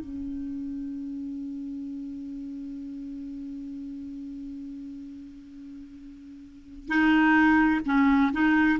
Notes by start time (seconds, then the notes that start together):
0.00 C#4
6.89 D#4
7.86 C#4
8.33 D#4